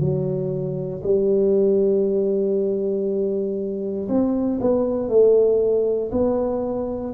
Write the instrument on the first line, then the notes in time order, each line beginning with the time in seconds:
tuba
0.00 F#3
1.03 G3
4.09 C4
4.60 B3
5.09 A3
6.12 B3